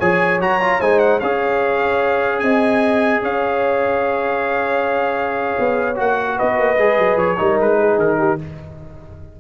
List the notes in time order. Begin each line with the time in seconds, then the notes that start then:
0.00 F3 G#4 C#5 G#5
0.39 F#3 F#4 A#5
0.61 F4
0.81 G#3 D#4 C5 G#5
0.99 F#5
1.20 C#4 G#4 C#5 F5
2.40 C4 D#5 G#5
3.22 C#4 C#5 F5
5.59 B3
5.95 A#3 F#4 F#5
6.37 B3 B4 D#5
6.59 A#3
6.78 G#3 G#4
6.99 F#3
7.17 F3 C#5
7.38 G3 D#4 A#4
7.60 G#3 B4
7.79 G#4
7.99 D#3 A#4
8.19 G4